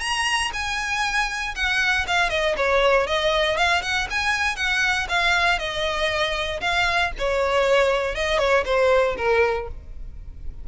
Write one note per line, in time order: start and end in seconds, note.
0.00 0.51 A#5
0.53 1.55 G#5
1.55 2.06 F#5
2.07 2.30 F5
2.30 2.55 D#5
2.57 3.06 C#5
3.06 3.57 D#5
3.57 3.82 F5
3.82 4.07 F#5
4.10 4.56 G#5
4.56 5.07 F#5
5.08 5.59 F5
5.59 6.60 D#5
6.61 7.12 F5
7.18 8.15 C#5
8.15 8.39 D#5
8.39 8.64 C#5
8.65 9.16 C5
9.17 9.68 A#4